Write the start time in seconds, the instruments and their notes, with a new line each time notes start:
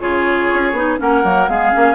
0.00 bassoon C#3, clarinet F4, oboe G#4, flute C#5
0.54 bassoon C#4
0.73 bassoon B3, clarinet D#4
0.99 bassoon A#3, clarinet C#4, oboe A#4, flute F#5
1.23 bassoon F#3, clarinet A#3
1.49 bassoon G#3, clarinet B3, oboe G#4, flute F5
1.72 bassoon A#3, clarinet C#4